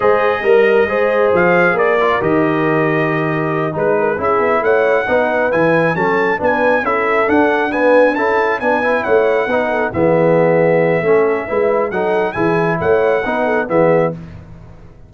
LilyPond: <<
  \new Staff \with { instrumentName = "trumpet" } { \time 4/4 \tempo 4 = 136 dis''2. f''4 | d''4 dis''2.~ | dis''8 b'4 e''4 fis''4.~ | fis''8 gis''4 a''4 gis''4 e''8~ |
e''8 fis''4 gis''4 a''4 gis''8~ | gis''8 fis''2 e''4.~ | e''2. fis''4 | gis''4 fis''2 e''4 | }
  \new Staff \with { instrumentName = "horn" } { \time 4/4 c''4 ais'4 c''2 | ais'1~ | ais'8 b'8 ais'8 gis'4 cis''4 b'8~ | b'4. a'4 b'4 a'8~ |
a'4. b'4 a'4 b'8~ | b'8 cis''4 b'8 a'8 gis'4.~ | gis'4 a'4 b'4 a'4 | gis'4 cis''4 b'8 a'8 gis'4 | }
  \new Staff \with { instrumentName = "trombone" } { \time 4/4 gis'4 ais'4 gis'2~ | gis'8 f'8 g'2.~ | g'8 dis'4 e'2 dis'8~ | dis'8 e'4 cis'4 d'4 e'8~ |
e'8 d'4 b4 e'4 d'8 | e'4. dis'4 b4.~ | b4 cis'4 e'4 dis'4 | e'2 dis'4 b4 | }
  \new Staff \with { instrumentName = "tuba" } { \time 4/4 gis4 g4 gis4 f4 | ais4 dis2.~ | dis8 gis4 cis'8 b8 a4 b8~ | b8 e4 fis4 b4 cis'8~ |
cis'8 d'2 cis'4 b8~ | b8 a4 b4 e4.~ | e4 a4 gis4 fis4 | e4 a4 b4 e4 | }
>>